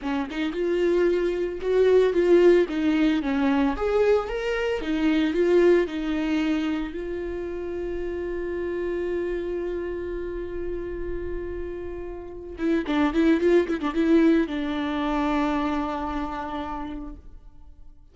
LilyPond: \new Staff \with { instrumentName = "viola" } { \time 4/4 \tempo 4 = 112 cis'8 dis'8 f'2 fis'4 | f'4 dis'4 cis'4 gis'4 | ais'4 dis'4 f'4 dis'4~ | dis'4 f'2.~ |
f'1~ | f'2.~ f'8 e'8 | d'8 e'8 f'8 e'16 d'16 e'4 d'4~ | d'1 | }